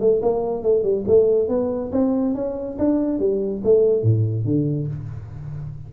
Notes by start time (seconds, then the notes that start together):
0.00 A3
0.22 A#3
0.63 A3
0.83 G3
1.08 A3
1.49 B3
1.92 C4
2.35 C#4
2.79 D4
3.20 G3
3.64 A3
4.03 A2
4.45 D3